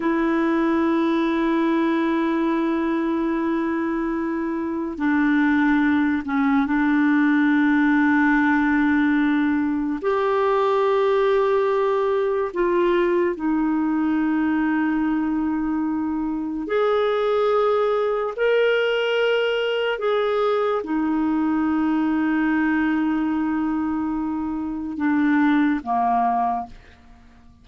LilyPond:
\new Staff \with { instrumentName = "clarinet" } { \time 4/4 \tempo 4 = 72 e'1~ | e'2 d'4. cis'8 | d'1 | g'2. f'4 |
dis'1 | gis'2 ais'2 | gis'4 dis'2.~ | dis'2 d'4 ais4 | }